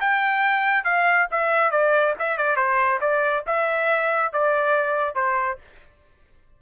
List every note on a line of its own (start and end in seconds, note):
0.00 0.84 G5
0.84 1.27 F5
1.30 1.71 E5
1.71 2.14 D5
2.19 2.37 E5
2.37 2.56 D5
2.56 2.99 C5
3.00 3.44 D5
3.46 4.32 E5
4.32 5.15 D5
5.15 5.58 C5